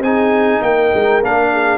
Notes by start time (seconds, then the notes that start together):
0.00 C4 D#4 G#4 G#5
0.61 A#3 A#4 G5
0.94 G#3
1.22 A#3 D4 F5
1.52 G#4